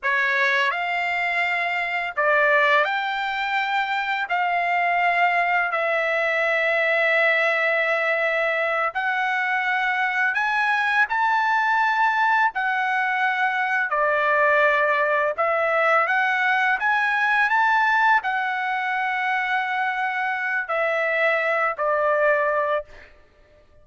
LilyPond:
\new Staff \with { instrumentName = "trumpet" } { \time 4/4 \tempo 4 = 84 cis''4 f''2 d''4 | g''2 f''2 | e''1~ | e''8 fis''2 gis''4 a''8~ |
a''4. fis''2 d''8~ | d''4. e''4 fis''4 gis''8~ | gis''8 a''4 fis''2~ fis''8~ | fis''4 e''4. d''4. | }